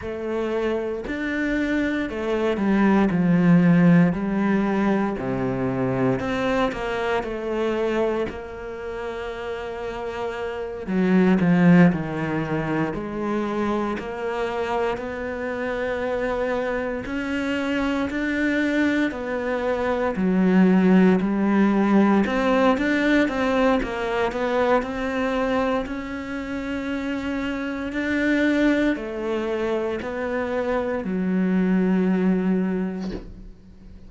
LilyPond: \new Staff \with { instrumentName = "cello" } { \time 4/4 \tempo 4 = 58 a4 d'4 a8 g8 f4 | g4 c4 c'8 ais8 a4 | ais2~ ais8 fis8 f8 dis8~ | dis8 gis4 ais4 b4.~ |
b8 cis'4 d'4 b4 fis8~ | fis8 g4 c'8 d'8 c'8 ais8 b8 | c'4 cis'2 d'4 | a4 b4 fis2 | }